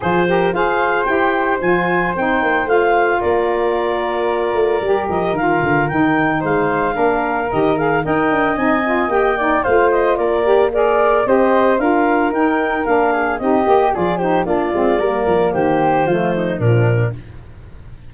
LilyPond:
<<
  \new Staff \with { instrumentName = "clarinet" } { \time 4/4 \tempo 4 = 112 c''4 f''4 g''4 gis''4 | g''4 f''4 d''2~ | d''4. dis''8 f''4 g''4 | f''2 dis''8 f''8 g''4 |
gis''4 g''4 f''8 dis''8 d''4 | ais'4 dis''4 f''4 g''4 | f''4 dis''4 d''8 c''8 d''4~ | d''4 c''2 ais'4 | }
  \new Staff \with { instrumentName = "flute" } { \time 4/4 gis'8 ais'8 c''2.~ | c''2 ais'2~ | ais'1 | c''4 ais'2 dis''4~ |
dis''4. d''8 c''4 ais'4 | d''4 c''4 ais'2~ | ais'8 gis'8 g'4 gis'8 g'8 f'4 | ais'4 g'4 f'8 dis'8 d'4 | }
  \new Staff \with { instrumentName = "saxophone" } { \time 4/4 f'8 g'8 gis'4 g'4 f'4 | dis'4 f'2.~ | f'4 g'4 f'4 dis'4~ | dis'4 d'4 g'8 gis'8 ais'4 |
dis'8 f'8 g'8 dis'8 f'4. g'8 | gis'4 g'4 f'4 dis'4 | d'4 dis'8 g'8 f'8 dis'8 d'8 c'8 | ais2 a4 f4 | }
  \new Staff \with { instrumentName = "tuba" } { \time 4/4 f4 f'4 e'4 f4 | c'8 ais8 a4 ais2~ | ais8 a8 g8 f8 dis8 d8 dis4 | gis4 ais4 dis4 dis'8 d'8 |
c'4 ais4 a4 ais4~ | ais4 c'4 d'4 dis'4 | ais4 c'8 ais8 f4 ais8 gis8 | g8 f8 dis4 f4 ais,4 | }
>>